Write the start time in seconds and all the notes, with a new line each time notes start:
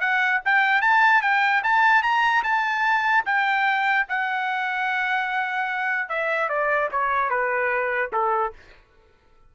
0.00 F#5
0.45 G5
0.81 A5
1.22 G5
1.63 A5
2.02 A#5
2.43 A5
3.25 G5
4.09 F#5
6.09 E5
6.49 D5
6.91 C#5
7.29 B4
8.12 A4